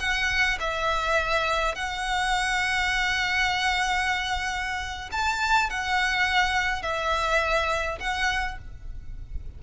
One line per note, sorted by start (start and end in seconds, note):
0.00 0.58 F#5
0.60 1.75 E5
1.75 5.10 F#5
5.12 5.70 A5
5.70 6.82 F#5
6.82 7.99 E5
8.00 8.58 F#5